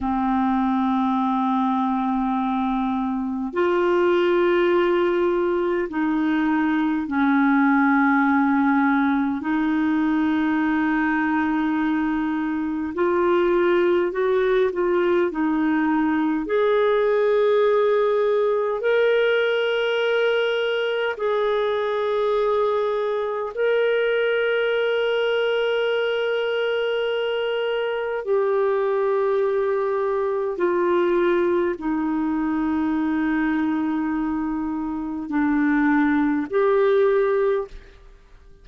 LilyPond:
\new Staff \with { instrumentName = "clarinet" } { \time 4/4 \tempo 4 = 51 c'2. f'4~ | f'4 dis'4 cis'2 | dis'2. f'4 | fis'8 f'8 dis'4 gis'2 |
ais'2 gis'2 | ais'1 | g'2 f'4 dis'4~ | dis'2 d'4 g'4 | }